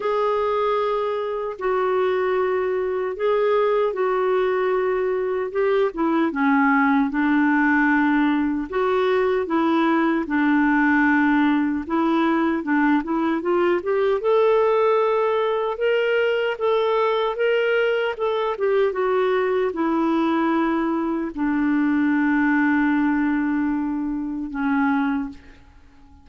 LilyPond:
\new Staff \with { instrumentName = "clarinet" } { \time 4/4 \tempo 4 = 76 gis'2 fis'2 | gis'4 fis'2 g'8 e'8 | cis'4 d'2 fis'4 | e'4 d'2 e'4 |
d'8 e'8 f'8 g'8 a'2 | ais'4 a'4 ais'4 a'8 g'8 | fis'4 e'2 d'4~ | d'2. cis'4 | }